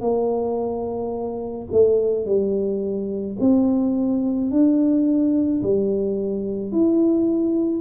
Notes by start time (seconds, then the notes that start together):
0.00 A#3
1.72 A3
2.26 G3
3.40 C4
4.51 D4
5.63 G3
6.72 E4